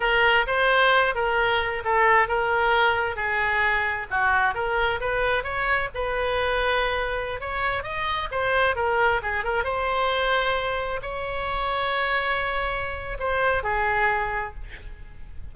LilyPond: \new Staff \with { instrumentName = "oboe" } { \time 4/4 \tempo 4 = 132 ais'4 c''4. ais'4. | a'4 ais'2 gis'4~ | gis'4 fis'4 ais'4 b'4 | cis''4 b'2.~ |
b'16 cis''4 dis''4 c''4 ais'8.~ | ais'16 gis'8 ais'8 c''2~ c''8.~ | c''16 cis''2.~ cis''8.~ | cis''4 c''4 gis'2 | }